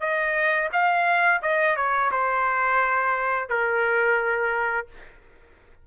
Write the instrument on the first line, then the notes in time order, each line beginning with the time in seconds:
trumpet
0.00 D#5
0.72 F5
1.42 D#5
1.76 C#5
2.11 C5
3.49 A#4